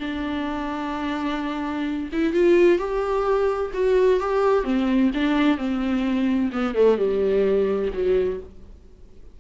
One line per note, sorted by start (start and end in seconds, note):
0.00 2.09 D4
2.13 2.34 E4
2.34 2.79 F4
2.79 3.72 G4
3.74 4.21 F#4
4.21 4.64 G4
4.64 5.11 C4
5.14 5.58 D4
5.58 6.51 C4
6.53 6.75 B3
6.75 6.98 A3
6.98 7.91 G3
7.94 8.40 F#3